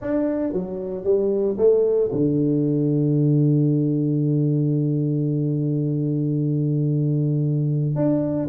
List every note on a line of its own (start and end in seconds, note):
0.01 0.52 D4
0.52 1.04 F#3
1.04 1.57 G3
1.57 2.10 A3
2.12 7.95 D3
7.95 8.48 D4